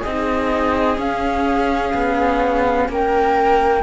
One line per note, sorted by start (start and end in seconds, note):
0.00 2.86 G#4
0.00 0.99 D#5
0.06 0.98 C4
0.06 0.97 D#4
0.97 3.82 C#4
0.97 1.93 C#4
0.97 2.90 F5
1.94 2.89 B3
2.89 3.83 A#3
2.89 3.83 A#4
2.89 3.83 G5